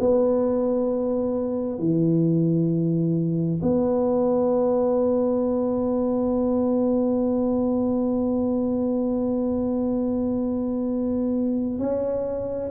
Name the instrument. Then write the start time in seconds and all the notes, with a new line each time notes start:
tuba
0.00 B3
1.79 E3
3.62 B3
11.80 C#4